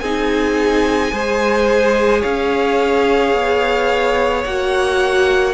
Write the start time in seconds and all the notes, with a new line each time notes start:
0.00 C4 D#4 G#4 G#5
1.12 G#3 G#4 C5
2.20 C#4 C#5 F5
3.33 B3
4.44 A#3 F#4 F#5